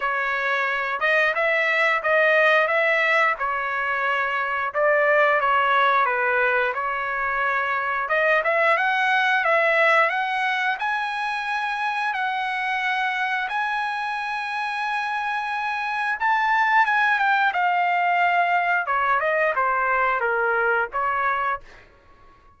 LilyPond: \new Staff \with { instrumentName = "trumpet" } { \time 4/4 \tempo 4 = 89 cis''4. dis''8 e''4 dis''4 | e''4 cis''2 d''4 | cis''4 b'4 cis''2 | dis''8 e''8 fis''4 e''4 fis''4 |
gis''2 fis''2 | gis''1 | a''4 gis''8 g''8 f''2 | cis''8 dis''8 c''4 ais'4 cis''4 | }